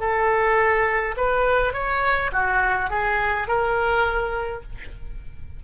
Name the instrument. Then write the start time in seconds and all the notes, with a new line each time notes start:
oboe
0.00 A4
1.17 B4
1.74 C#5
2.33 F#4
2.90 G#4
3.48 A#4